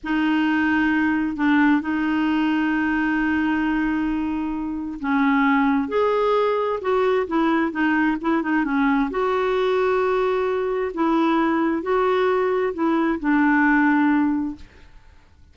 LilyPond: \new Staff \with { instrumentName = "clarinet" } { \time 4/4 \tempo 4 = 132 dis'2. d'4 | dis'1~ | dis'2. cis'4~ | cis'4 gis'2 fis'4 |
e'4 dis'4 e'8 dis'8 cis'4 | fis'1 | e'2 fis'2 | e'4 d'2. | }